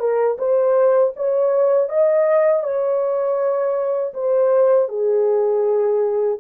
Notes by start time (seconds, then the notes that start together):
0.00 A#4
0.39 C5
1.17 C#5
1.90 D#5
2.64 C#5
4.14 C5
4.89 G#4